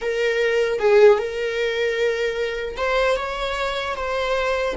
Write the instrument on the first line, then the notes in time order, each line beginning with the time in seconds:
viola
0.01 A#4
0.79 G#4
1.18 A#4
2.76 C5
3.16 C#5
3.96 C5